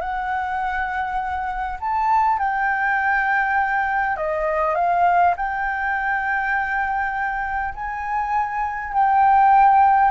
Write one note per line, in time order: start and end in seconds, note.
0.00 1.78 F#5
1.80 2.38 A5
2.38 4.16 G5
4.16 4.75 D#5
4.75 5.34 F5
5.36 7.74 G5
7.74 8.93 G#5
8.93 10.11 G5